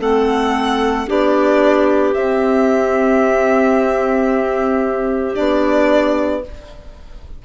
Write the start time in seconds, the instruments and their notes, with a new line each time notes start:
0.00 bassoon A3, clarinet C4 A4, violin F#5
1.07 bassoon B3, clarinet D4 G4, violin D5
2.14 bassoon C4, clarinet C4, violin E5
5.34 bassoon B3, clarinet D4, violin D5